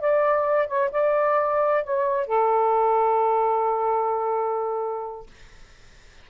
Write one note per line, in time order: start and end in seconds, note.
0.00 0.67 D5
0.67 0.90 C#5
0.91 1.84 D5
1.84 2.26 C#5
2.26 5.26 A4